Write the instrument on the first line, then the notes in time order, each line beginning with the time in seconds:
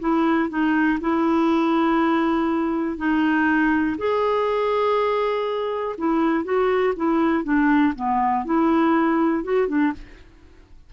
clarinet
0.00 E4
0.50 D#4
1.01 E4
2.98 D#4
3.98 G#4
5.98 E4
6.44 F#4
6.96 E4
7.44 D4
7.96 B3
8.45 E4
9.44 F#4
9.68 D4